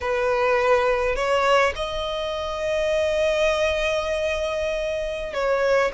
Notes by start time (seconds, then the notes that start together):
0.00 B4
1.15 C#5
1.75 D#5
5.33 C#5